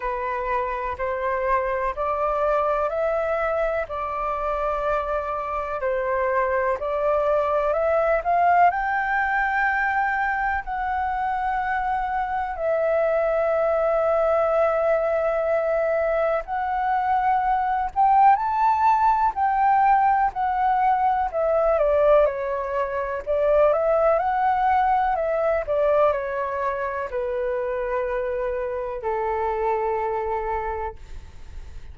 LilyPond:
\new Staff \with { instrumentName = "flute" } { \time 4/4 \tempo 4 = 62 b'4 c''4 d''4 e''4 | d''2 c''4 d''4 | e''8 f''8 g''2 fis''4~ | fis''4 e''2.~ |
e''4 fis''4. g''8 a''4 | g''4 fis''4 e''8 d''8 cis''4 | d''8 e''8 fis''4 e''8 d''8 cis''4 | b'2 a'2 | }